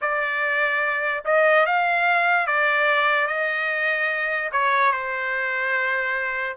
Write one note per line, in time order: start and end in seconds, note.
0.01 1.24 D5
1.24 1.66 D#5
1.66 2.47 F5
2.47 3.27 D5
3.27 4.50 D#5
4.52 4.91 C#5
4.91 6.56 C5